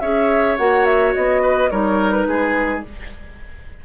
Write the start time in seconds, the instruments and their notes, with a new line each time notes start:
0.00 bassoon C#4, clarinet G#4, oboe C#5, flute E5
0.57 bassoon A#3, clarinet F#4, flute F#5
0.85 flute E5
1.14 bassoon B3, flute D#5
1.42 oboe B4
1.70 bassoon G3, clarinet D#4, oboe A#4, flute C#5
2.11 flute B4
2.27 bassoon G#3, oboe G#4